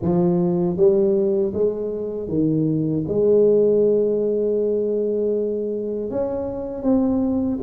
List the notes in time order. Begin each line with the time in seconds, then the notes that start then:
0.02 F3
0.77 G3
1.53 G#3
2.28 D#3
3.08 G#3
6.10 C#4
6.83 C4